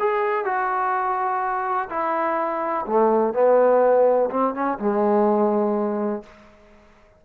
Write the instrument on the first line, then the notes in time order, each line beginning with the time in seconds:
trombone
0.00 G#4
0.45 F#4
1.90 E4
2.87 A3
3.34 B3
4.31 C4
4.55 C#4
4.79 G#3